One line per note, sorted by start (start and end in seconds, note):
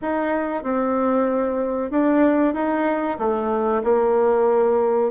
0.01 0.63 D#4
0.63 1.90 C4
1.91 2.54 D4
2.54 3.17 D#4
3.18 3.82 A3
3.83 5.10 A#3